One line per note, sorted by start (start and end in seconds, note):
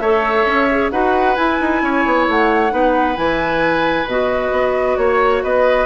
0.00 0.45 A3
0.00 0.70 A4
0.00 0.92 C#5
0.00 0.90 E5
0.46 0.91 C#4
0.71 0.92 G#4
0.92 1.37 D#4
0.92 1.36 F#4
0.92 1.83 B4
0.92 1.36 F#5
1.36 2.70 E4
1.36 1.60 E4
1.36 2.26 G#5
1.61 1.82 D#4
1.82 2.05 C#4
1.82 2.73 C#5
2.06 2.28 B3
2.29 2.72 A3
2.29 3.17 F#5
2.70 3.17 B3
2.70 3.15 D#4
2.70 4.99 B4
3.16 4.06 E3
3.16 4.06 E4
3.16 4.07 G#5
4.06 4.51 B2
4.06 5.86 F#4
4.06 4.98 D#5
4.52 4.97 B3
4.98 5.43 A#3
4.98 5.43 C#5
4.98 5.44 C#5
5.43 5.86 B3
5.43 5.86 B4
5.43 5.86 D#5